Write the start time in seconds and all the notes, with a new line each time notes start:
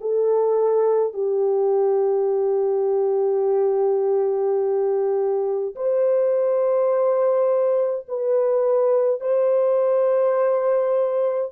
0.00 A4
1.13 G4
5.75 C5
8.08 B4
9.20 C5